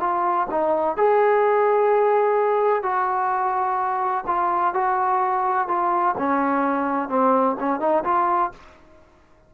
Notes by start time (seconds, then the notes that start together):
0.00 F4
0.51 D#4
0.97 G#4
2.83 F#4
4.27 F4
4.74 F#4
5.68 F4
6.18 C#4
7.09 C4
7.60 C#4
7.80 D#4
8.04 F4